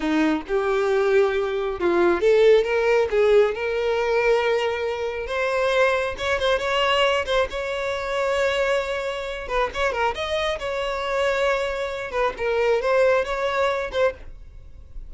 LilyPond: \new Staff \with { instrumentName = "violin" } { \time 4/4 \tempo 4 = 136 dis'4 g'2. | f'4 a'4 ais'4 gis'4 | ais'1 | c''2 cis''8 c''8 cis''4~ |
cis''8 c''8 cis''2.~ | cis''4. b'8 cis''8 ais'8 dis''4 | cis''2.~ cis''8 b'8 | ais'4 c''4 cis''4. c''8 | }